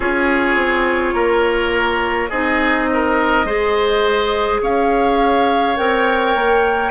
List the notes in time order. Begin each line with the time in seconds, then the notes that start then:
0.00 C#4 F4 G#4 C#5
0.55 C4
1.13 A#3 A#4
2.29 C4 D#4 G#4 D#5
2.93 A#4
3.44 G#3 G#4 C5
4.61 C#4 C#5 F5
5.76 C4 A#4 G5
6.35 A#3